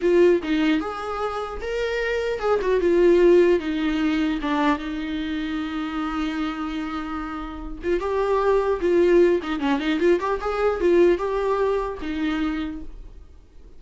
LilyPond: \new Staff \with { instrumentName = "viola" } { \time 4/4 \tempo 4 = 150 f'4 dis'4 gis'2 | ais'2 gis'8 fis'8 f'4~ | f'4 dis'2 d'4 | dis'1~ |
dis'2.~ dis'8 f'8 | g'2 f'4. dis'8 | cis'8 dis'8 f'8 g'8 gis'4 f'4 | g'2 dis'2 | }